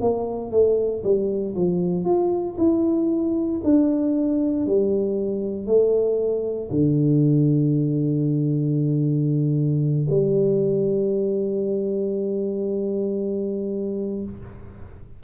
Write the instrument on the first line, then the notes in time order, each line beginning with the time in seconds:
tuba
0.00 A#3
0.51 A3
1.03 G3
1.55 F3
2.04 F4
2.58 E4
3.63 D4
4.66 G3
5.66 A3
6.71 D3
10.10 G3